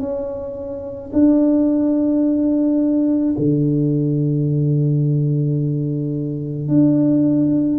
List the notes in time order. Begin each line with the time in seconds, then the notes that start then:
0.00 C#4
1.13 D4
3.38 D3
6.68 D4